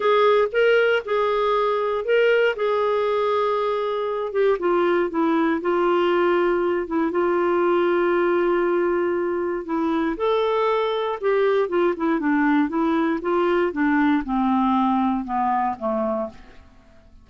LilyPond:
\new Staff \with { instrumentName = "clarinet" } { \time 4/4 \tempo 4 = 118 gis'4 ais'4 gis'2 | ais'4 gis'2.~ | gis'8 g'8 f'4 e'4 f'4~ | f'4. e'8 f'2~ |
f'2. e'4 | a'2 g'4 f'8 e'8 | d'4 e'4 f'4 d'4 | c'2 b4 a4 | }